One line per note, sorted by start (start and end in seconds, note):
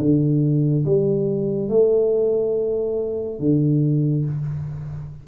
0.00 0.86 D3
0.86 1.69 G3
1.69 3.40 A3
3.40 4.25 D3